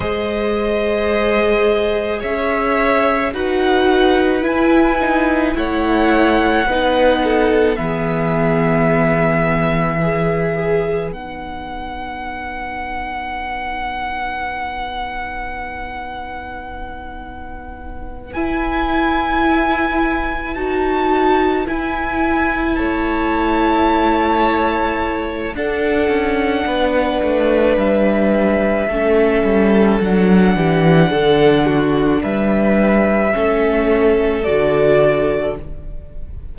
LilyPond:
<<
  \new Staff \with { instrumentName = "violin" } { \time 4/4 \tempo 4 = 54 dis''2 e''4 fis''4 | gis''4 fis''2 e''4~ | e''2 fis''2~ | fis''1~ |
fis''8 gis''2 a''4 gis''8~ | gis''8 a''2~ a''8 fis''4~ | fis''4 e''2 fis''4~ | fis''4 e''2 d''4 | }
  \new Staff \with { instrumentName = "violin" } { \time 4/4 c''2 cis''4 b'4~ | b'4 cis''4 b'8 a'8 gis'4~ | gis'4 b'2.~ | b'1~ |
b'1~ | b'8 cis''2~ cis''8 a'4 | b'2 a'4. g'8 | a'8 fis'8 b'4 a'2 | }
  \new Staff \with { instrumentName = "viola" } { \time 4/4 gis'2. fis'4 | e'8 dis'8 e'4 dis'4 b4~ | b4 gis'4 dis'2~ | dis'1~ |
dis'8 e'2 fis'4 e'8~ | e'2. d'4~ | d'2 cis'4 d'4~ | d'2 cis'4 fis'4 | }
  \new Staff \with { instrumentName = "cello" } { \time 4/4 gis2 cis'4 dis'4 | e'4 a4 b4 e4~ | e2 b2~ | b1~ |
b8 e'2 dis'4 e'8~ | e'8 a2~ a8 d'8 cis'8 | b8 a8 g4 a8 g8 fis8 e8 | d4 g4 a4 d4 | }
>>